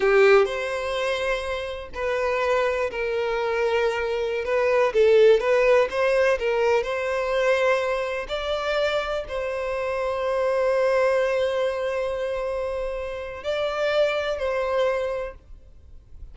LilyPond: \new Staff \with { instrumentName = "violin" } { \time 4/4 \tempo 4 = 125 g'4 c''2. | b'2 ais'2~ | ais'4~ ais'16 b'4 a'4 b'8.~ | b'16 c''4 ais'4 c''4.~ c''16~ |
c''4~ c''16 d''2 c''8.~ | c''1~ | c''1 | d''2 c''2 | }